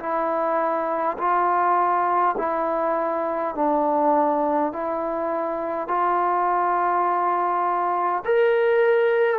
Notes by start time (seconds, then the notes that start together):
0.00 E4
1.18 F4
2.38 E4
3.55 D4
4.73 E4
5.88 F4
8.25 A#4